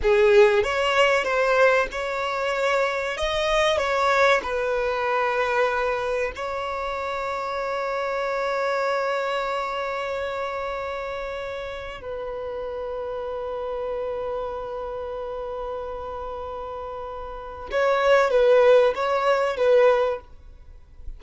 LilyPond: \new Staff \with { instrumentName = "violin" } { \time 4/4 \tempo 4 = 95 gis'4 cis''4 c''4 cis''4~ | cis''4 dis''4 cis''4 b'4~ | b'2 cis''2~ | cis''1~ |
cis''2. b'4~ | b'1~ | b'1 | cis''4 b'4 cis''4 b'4 | }